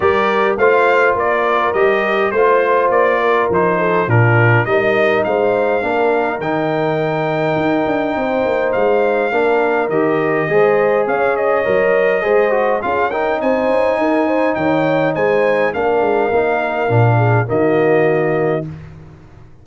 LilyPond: <<
  \new Staff \with { instrumentName = "trumpet" } { \time 4/4 \tempo 4 = 103 d''4 f''4 d''4 dis''4 | c''4 d''4 c''4 ais'4 | dis''4 f''2 g''4~ | g''2. f''4~ |
f''4 dis''2 f''8 dis''8~ | dis''2 f''8 g''8 gis''4~ | gis''4 g''4 gis''4 f''4~ | f''2 dis''2 | }
  \new Staff \with { instrumentName = "horn" } { \time 4/4 ais'4 c''4 ais'2 | c''4. ais'4 a'8 f'4 | ais'4 c''4 ais'2~ | ais'2 c''2 |
ais'2 c''4 cis''4~ | cis''4 c''4 gis'8 ais'8 c''4 | ais'8 c''8 cis''4 c''4 ais'4~ | ais'4. gis'8 fis'2 | }
  \new Staff \with { instrumentName = "trombone" } { \time 4/4 g'4 f'2 g'4 | f'2 dis'4 d'4 | dis'2 d'4 dis'4~ | dis'1 |
d'4 g'4 gis'2 | ais'4 gis'8 fis'8 f'8 dis'4.~ | dis'2. d'4 | dis'4 d'4 ais2 | }
  \new Staff \with { instrumentName = "tuba" } { \time 4/4 g4 a4 ais4 g4 | a4 ais4 f4 ais,4 | g4 gis4 ais4 dis4~ | dis4 dis'8 d'8 c'8 ais8 gis4 |
ais4 dis4 gis4 cis'4 | fis4 gis4 cis'4 c'8 cis'8 | dis'4 dis4 gis4 ais8 gis8 | ais4 ais,4 dis2 | }
>>